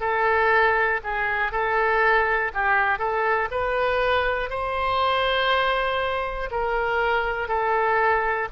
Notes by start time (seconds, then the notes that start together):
0.00 A4
1.04 G#4
1.52 A4
2.54 G4
2.99 A4
3.51 B4
4.50 C5
6.51 A#4
7.48 A4